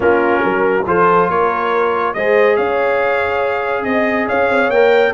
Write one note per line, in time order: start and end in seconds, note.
0.00 0.43 A#3
0.00 0.83 C#4
0.00 0.42 F4
0.00 0.87 A#4
0.42 0.86 F#3
0.42 0.85 A#4
0.87 1.28 F3
0.87 2.15 F4
0.87 1.30 A4
0.87 1.30 C5
1.28 2.14 A#3
1.28 2.15 A#4
1.28 2.13 C#5
2.13 2.58 G#3
2.13 4.74 G#4
2.13 2.56 C5
2.13 2.56 D#5
2.56 3.85 C#4
2.56 3.85 C#5
2.56 3.84 F5
3.84 4.28 C4
3.84 4.27 D#5
4.27 4.50 C#4
4.27 5.13 C#5
4.27 4.70 F5
4.50 4.69 C4
4.69 5.12 A#3
4.69 5.14 A#4
4.69 5.13 G5